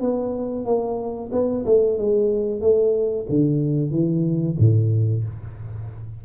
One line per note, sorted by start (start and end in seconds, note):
0.00 0.65 B3
0.65 1.30 A#3
1.32 1.65 B3
1.65 1.98 A3
1.98 2.61 G#3
2.61 3.26 A3
3.29 3.91 D3
3.91 4.56 E3
4.59 5.24 A2